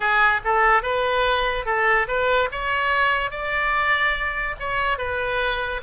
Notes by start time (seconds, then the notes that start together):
0.00 G#4
0.44 A4
0.82 B4
1.65 A4
2.07 B4
2.51 C#5
3.30 D5
4.59 C#5
4.98 B4